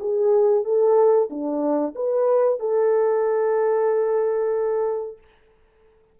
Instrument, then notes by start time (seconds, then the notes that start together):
horn
0.00 G#4
0.64 A4
1.30 D4
1.95 B4
2.60 A4